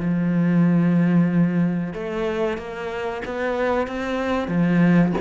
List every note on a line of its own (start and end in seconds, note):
0.00 1.94 F3
1.94 2.57 A3
2.57 3.22 A#3
3.25 3.87 B3
3.87 4.48 C4
4.48 5.13 F3